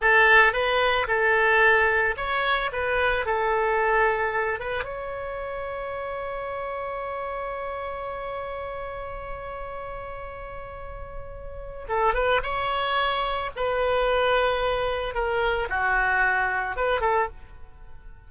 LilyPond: \new Staff \with { instrumentName = "oboe" } { \time 4/4 \tempo 4 = 111 a'4 b'4 a'2 | cis''4 b'4 a'2~ | a'8 b'8 cis''2.~ | cis''1~ |
cis''1~ | cis''2 a'8 b'8 cis''4~ | cis''4 b'2. | ais'4 fis'2 b'8 a'8 | }